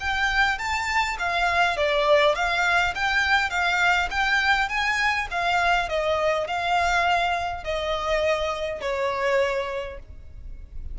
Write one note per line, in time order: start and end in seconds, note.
0.00 0.59 G5
0.59 1.17 A5
1.18 1.76 F5
1.76 2.35 D5
2.35 2.94 F5
2.95 3.50 G5
3.50 4.09 F5
4.10 4.69 G5
4.69 5.28 G#5
5.30 5.89 F5
5.89 6.47 D#5
6.47 7.64 F5
7.64 8.81 D#5
8.81 9.99 C#5